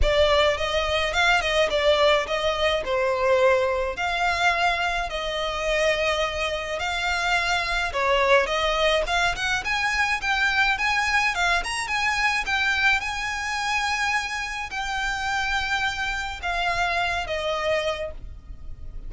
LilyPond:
\new Staff \with { instrumentName = "violin" } { \time 4/4 \tempo 4 = 106 d''4 dis''4 f''8 dis''8 d''4 | dis''4 c''2 f''4~ | f''4 dis''2. | f''2 cis''4 dis''4 |
f''8 fis''8 gis''4 g''4 gis''4 | f''8 ais''8 gis''4 g''4 gis''4~ | gis''2 g''2~ | g''4 f''4. dis''4. | }